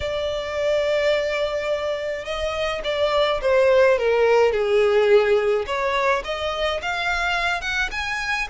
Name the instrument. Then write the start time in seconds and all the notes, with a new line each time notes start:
violin
0.00 D5
2.25 D#5
2.84 D5
3.41 C5
3.98 A#4
4.52 G#4
5.66 C#5
6.24 D#5
6.82 F5
7.61 F#5
7.91 G#5